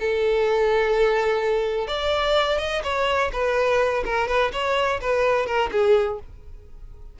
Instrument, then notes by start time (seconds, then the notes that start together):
violin
0.00 A4
1.87 D5
2.58 D#5
2.84 C#5
3.33 B4
4.05 A#4
4.28 B4
4.53 C#5
5.01 B4
5.46 A#4
5.72 G#4